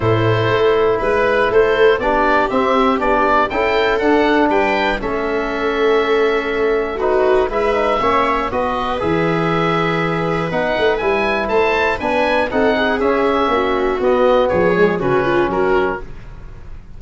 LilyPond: <<
  \new Staff \with { instrumentName = "oboe" } { \time 4/4 \tempo 4 = 120 c''2 b'4 c''4 | d''4 e''4 d''4 g''4 | fis''4 g''4 e''2~ | e''2 b'4 e''4~ |
e''4 dis''4 e''2~ | e''4 fis''4 gis''4 a''4 | gis''4 fis''4 e''2 | dis''4 cis''4 b'4 ais'4 | }
  \new Staff \with { instrumentName = "viola" } { \time 4/4 a'2 b'4 a'4 | g'2. a'4~ | a'4 b'4 a'2~ | a'2 fis'4 b'4 |
cis''4 b'2.~ | b'2. c''4 | b'4 a'8 gis'4. fis'4~ | fis'4 gis'4 fis'8 f'8 fis'4 | }
  \new Staff \with { instrumentName = "trombone" } { \time 4/4 e'1 | d'4 c'4 d'4 e'4 | d'2 cis'2~ | cis'2 dis'4 e'8 dis'8 |
cis'4 fis'4 gis'2~ | gis'4 dis'4 e'2 | d'4 dis'4 cis'2 | b4. gis8 cis'2 | }
  \new Staff \with { instrumentName = "tuba" } { \time 4/4 a,4 a4 gis4 a4 | b4 c'4 b4 cis'4 | d'4 g4 a2~ | a2. gis4 |
ais4 b4 e2~ | e4 b8 a8 g4 a4 | b4 c'4 cis'4 ais4 | b4 f4 cis4 fis4 | }
>>